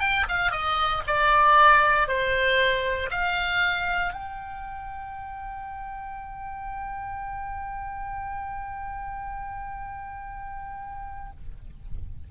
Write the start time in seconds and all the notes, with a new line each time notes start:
0.00 G5
0.29 F5
0.52 D#5
1.07 D5
2.08 C5
3.11 F5
4.13 G5